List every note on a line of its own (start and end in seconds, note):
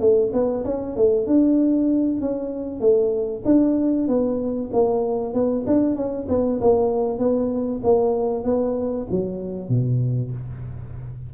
0.00 0.31 A3
0.33 0.64 B3
0.64 0.95 C#4
0.95 1.26 A3
1.26 2.20 D4
2.20 2.80 C#4
2.80 3.42 A3
3.45 4.07 D4
4.07 4.70 B3
4.72 5.33 A#3
5.33 5.64 B3
5.66 5.95 D4
5.95 6.26 C#4
6.28 6.59 B3
6.60 7.18 A#3
7.18 7.81 B3
7.83 8.44 A#3
8.44 9.06 B3
9.10 9.68 F#3
9.68 10.31 B2